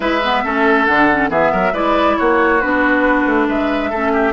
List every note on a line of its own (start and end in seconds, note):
0.00 0.43 G#3
0.00 0.20 E4
0.00 0.43 B4
0.00 0.85 E5
0.24 0.44 B3
0.44 0.88 A3
0.44 0.87 C#4
0.44 1.30 A4
0.85 1.29 D3
0.85 1.09 D4
0.85 1.29 F#5
1.11 1.29 C#4
1.29 1.51 E3
1.29 1.72 B3
1.29 1.51 G#4
1.29 1.74 E5
1.52 1.73 F#3
1.52 1.72 A#4
1.72 2.16 G#3
1.72 2.60 E4
1.72 2.16 B4
1.72 2.17 D5
2.17 2.63 A#3
2.17 3.48 F#4
2.17 2.60 C#5
2.60 3.26 B3
2.60 3.93 D4
2.60 3.47 B4
3.26 3.47 A3
3.48 3.91 G#3
3.48 3.90 B4
3.48 4.33 E5
3.90 4.33 A3
3.90 4.33 C#4
3.90 4.11 A4
4.13 4.33 G4